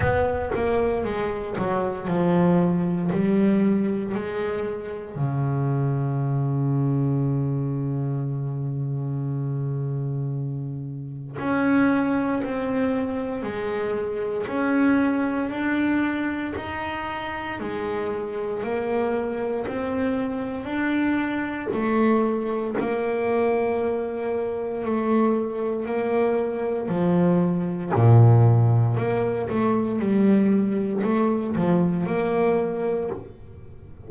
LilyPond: \new Staff \with { instrumentName = "double bass" } { \time 4/4 \tempo 4 = 58 b8 ais8 gis8 fis8 f4 g4 | gis4 cis2.~ | cis2. cis'4 | c'4 gis4 cis'4 d'4 |
dis'4 gis4 ais4 c'4 | d'4 a4 ais2 | a4 ais4 f4 ais,4 | ais8 a8 g4 a8 f8 ais4 | }